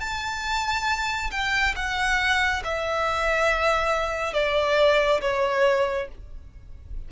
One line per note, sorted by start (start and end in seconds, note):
0.00 1.30 A5
1.31 1.74 G5
1.75 2.62 F#5
2.64 4.34 E5
4.34 5.21 D5
5.21 6.08 C#5